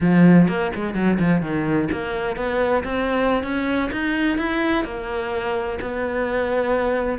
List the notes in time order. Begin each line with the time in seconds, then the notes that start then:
0.01 F3
0.48 A#3
0.75 G#3
0.94 F#3
1.19 F3
1.41 D#3
1.91 A#3
2.36 B3
2.83 C4
3.43 C#4
3.91 D#4
4.38 E4
4.84 A#3
5.81 B3